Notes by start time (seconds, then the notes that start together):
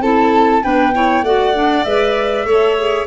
0.00 C4 E4 A4 A5
0.62 B3 D4 B4 G5
0.94 E4 C#5
1.23 A3 F#4 D5 F#5
1.54 D4
1.84 G#3 B4 E5
2.45 A3 A4 C#5
2.78 G#4